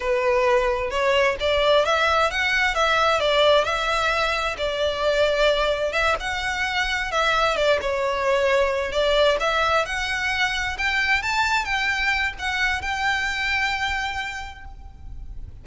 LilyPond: \new Staff \with { instrumentName = "violin" } { \time 4/4 \tempo 4 = 131 b'2 cis''4 d''4 | e''4 fis''4 e''4 d''4 | e''2 d''2~ | d''4 e''8 fis''2 e''8~ |
e''8 d''8 cis''2~ cis''8 d''8~ | d''8 e''4 fis''2 g''8~ | g''8 a''4 g''4. fis''4 | g''1 | }